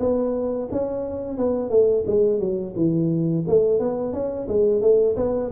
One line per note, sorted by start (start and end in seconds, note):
0.00 0.69 B3
0.71 1.38 C#4
1.38 1.70 B3
1.70 2.04 A3
2.07 2.39 G#3
2.39 2.74 F#3
2.76 3.45 E3
3.48 3.80 A3
3.80 4.13 B3
4.13 4.48 C#4
4.48 4.82 G#3
4.82 5.16 A3
5.17 5.51 B3